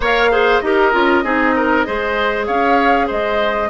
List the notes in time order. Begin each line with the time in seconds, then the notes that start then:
0.00 A#3 A#4 C#5 F5
0.31 G#4 C5
0.60 D#4 G4 D#5
0.66 A#4
0.92 C#4 F4
1.23 C4 D#4 G#4
1.55 A#4
1.85 G#3 G#4 C5
2.46 C#4 C#5 F5
3.06 G#3 C5 D#5